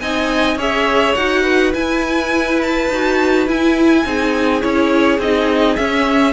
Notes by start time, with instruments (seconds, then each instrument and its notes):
0.00 cello C4, viola D#4, violin D#5 G#5
0.56 cello C#4, viola G#4, violin C#5 E5
1.14 cello D#4, viola F#4, violin F#5
1.42 violin B4
1.74 viola E4, cello E4, violin G#5
2.62 violin A5
2.90 cello D#4, viola F#4
3.47 cello E4, viola E4, violin G#5
4.05 cello C4, viola D#4, violin G#4
4.61 cello C#4, viola E4, violin C#5
5.18 cello C4, viola D#4, violin D#5
5.76 viola C#4, cello C#4, violin E5